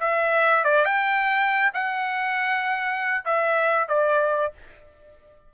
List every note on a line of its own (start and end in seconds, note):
0.00 0.65 E5
0.65 0.85 D5
0.85 1.71 G5
1.74 3.25 F#5
3.26 3.88 E5
3.88 4.53 D5